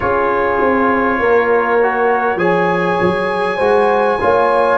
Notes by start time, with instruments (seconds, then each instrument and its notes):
0.00 tuba C#4, trombone F4, horn G#4, trumpet C#5
0.60 tuba C4
1.19 tuba A#3, horn A#4
1.82 trombone F#4
2.35 tuba F3, trombone G#4, horn C#5, trumpet G#5
3.00 tuba F#3
3.56 tuba G#3, trombone F#4, horn C5
4.20 tuba A#3, trombone F4, horn C#5